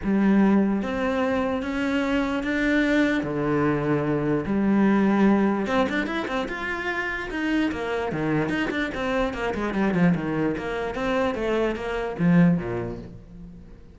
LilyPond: \new Staff \with { instrumentName = "cello" } { \time 4/4 \tempo 4 = 148 g2 c'2 | cis'2 d'2 | d2. g4~ | g2 c'8 d'8 e'8 c'8 |
f'2 dis'4 ais4 | dis4 dis'8 d'8 c'4 ais8 gis8 | g8 f8 dis4 ais4 c'4 | a4 ais4 f4 ais,4 | }